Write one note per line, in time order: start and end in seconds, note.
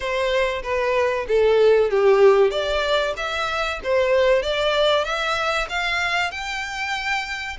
0.00 0.62 C5
0.62 1.25 B4
1.28 1.90 A4
1.90 2.50 G4
2.50 3.13 D5
3.16 3.80 E5
3.83 4.42 C5
4.42 5.04 D5
5.04 5.67 E5
5.69 6.31 F5
6.31 7.57 G5